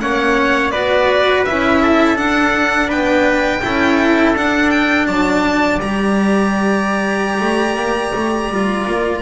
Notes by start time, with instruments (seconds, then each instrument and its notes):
0.00 double bass A#3, cello C#4, trumpet C#5, violin F#5
0.71 double bass B3, cello F#4, trumpet B4, violin D5
1.45 double bass C#4, cello E4, violin E5
1.82 trumpet A4
2.16 cello D4, double bass D4, violin F#5
2.88 double bass B3, trumpet B4, violin G5
3.63 double bass C#4, cello E4, trumpet A4
4.34 double bass D4, cello D4, violin F#5
4.70 violin G5
5.07 double bass F#3, trumpet D5, violin A5
5.80 double bass G3, cello G4, violin A#5
7.41 double bass A3
7.76 double bass A#3
8.14 double bass A3
8.49 double bass G3, cello F4
8.86 double bass A#3